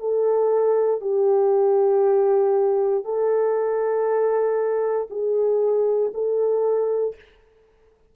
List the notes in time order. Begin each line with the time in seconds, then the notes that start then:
0.00 A4
1.02 G4
3.05 A4
5.11 G#4
6.14 A4